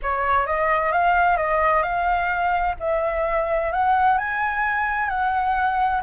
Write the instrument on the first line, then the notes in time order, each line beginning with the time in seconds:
flute
0.02 C#5
0.46 D#5
0.92 F5
1.37 D#5
1.83 F5
2.79 E5
3.72 F#5
4.17 G#5
5.09 F#5